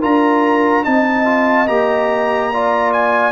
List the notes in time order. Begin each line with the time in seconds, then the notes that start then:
0.00 D4 F4 A#4 A#5
0.84 C4 D#4 D#5 A5
1.25 F4
1.67 A#3 G4 A#5
2.53 F4 D5
2.92 G#5